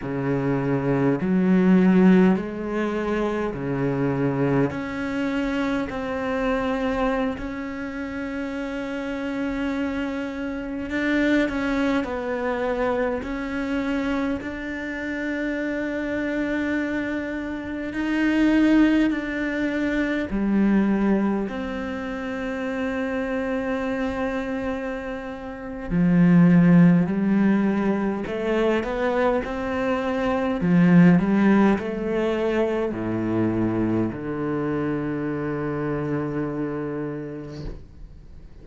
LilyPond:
\new Staff \with { instrumentName = "cello" } { \time 4/4 \tempo 4 = 51 cis4 fis4 gis4 cis4 | cis'4 c'4~ c'16 cis'4.~ cis'16~ | cis'4~ cis'16 d'8 cis'8 b4 cis'8.~ | cis'16 d'2. dis'8.~ |
dis'16 d'4 g4 c'4.~ c'16~ | c'2 f4 g4 | a8 b8 c'4 f8 g8 a4 | a,4 d2. | }